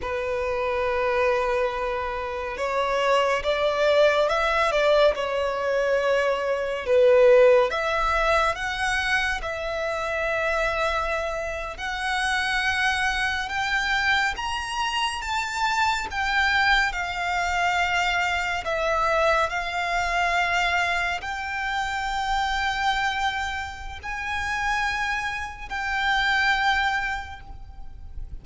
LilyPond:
\new Staff \with { instrumentName = "violin" } { \time 4/4 \tempo 4 = 70 b'2. cis''4 | d''4 e''8 d''8 cis''2 | b'4 e''4 fis''4 e''4~ | e''4.~ e''16 fis''2 g''16~ |
g''8. ais''4 a''4 g''4 f''16~ | f''4.~ f''16 e''4 f''4~ f''16~ | f''8. g''2.~ g''16 | gis''2 g''2 | }